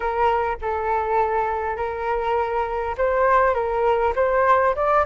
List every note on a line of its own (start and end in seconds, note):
0.00 0.57 A#4
0.61 1.76 A4
1.76 2.95 A#4
2.97 3.54 C5
3.54 4.13 A#4
4.15 4.75 C5
4.75 5.05 D5